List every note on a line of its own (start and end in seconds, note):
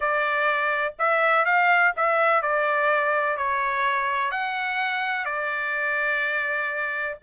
0.00 0.94 D5
0.98 1.45 E5
1.45 1.93 F5
1.96 2.42 E5
2.42 3.37 D5
3.37 4.31 C#5
4.31 5.25 F#5
5.25 7.17 D5